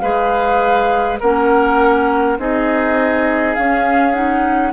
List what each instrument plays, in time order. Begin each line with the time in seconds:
0.00 bassoon G#3, clarinet G#4, oboe B4, flute F5
1.20 bassoon A#3, clarinet C#4, oboe A#4, flute F#5
2.38 bassoon C4, clarinet D#4, oboe G#4, flute D#5
3.55 clarinet C#4, bassoon C#4, flute F5
4.14 clarinet D#4, flute F#5